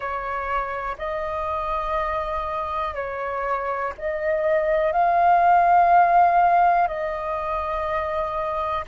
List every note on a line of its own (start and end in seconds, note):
0.00 0.96 C#5
0.98 2.94 D#5
2.94 3.93 C#5
3.98 4.92 D#5
4.92 6.87 F5
6.87 8.84 D#5